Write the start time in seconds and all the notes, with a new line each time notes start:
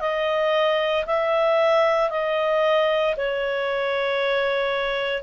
0.00 D#5
1.06 E5
2.10 D#5
3.17 C#5